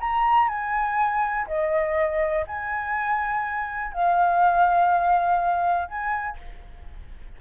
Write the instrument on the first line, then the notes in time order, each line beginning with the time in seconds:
flute
0.00 A#5
0.48 G#5
1.47 D#5
2.47 G#5
3.93 F5
5.88 G#5